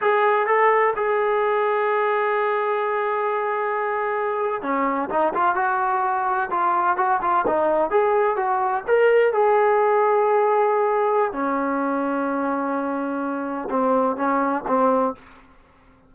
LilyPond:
\new Staff \with { instrumentName = "trombone" } { \time 4/4 \tempo 4 = 127 gis'4 a'4 gis'2~ | gis'1~ | gis'4.~ gis'16 cis'4 dis'8 f'8 fis'16~ | fis'4.~ fis'16 f'4 fis'8 f'8 dis'16~ |
dis'8. gis'4 fis'4 ais'4 gis'16~ | gis'1 | cis'1~ | cis'4 c'4 cis'4 c'4 | }